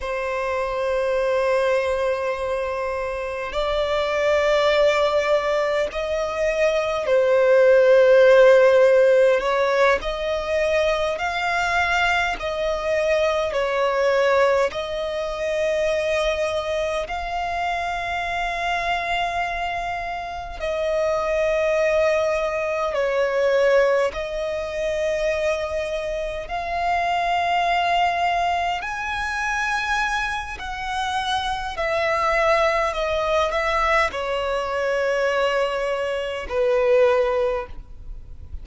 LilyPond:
\new Staff \with { instrumentName = "violin" } { \time 4/4 \tempo 4 = 51 c''2. d''4~ | d''4 dis''4 c''2 | cis''8 dis''4 f''4 dis''4 cis''8~ | cis''8 dis''2 f''4.~ |
f''4. dis''2 cis''8~ | cis''8 dis''2 f''4.~ | f''8 gis''4. fis''4 e''4 | dis''8 e''8 cis''2 b'4 | }